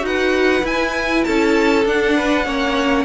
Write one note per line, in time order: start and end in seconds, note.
0.00 0.62 D#4
0.00 0.61 F#4
0.00 1.26 B4
0.00 0.66 F#5
0.63 1.24 E4
0.63 1.85 E4
0.63 1.24 G#5
1.24 1.85 C#4
1.24 2.16 A4
1.24 1.84 A5
1.85 2.45 D4
1.85 2.46 D4
1.85 3.05 F#5
2.16 2.46 B4
2.45 3.05 A#3
2.45 3.05 C#4
2.45 3.05 C#5